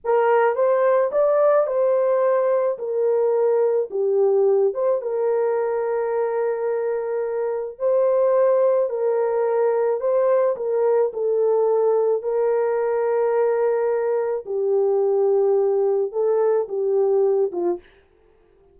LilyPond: \new Staff \with { instrumentName = "horn" } { \time 4/4 \tempo 4 = 108 ais'4 c''4 d''4 c''4~ | c''4 ais'2 g'4~ | g'8 c''8 ais'2.~ | ais'2 c''2 |
ais'2 c''4 ais'4 | a'2 ais'2~ | ais'2 g'2~ | g'4 a'4 g'4. f'8 | }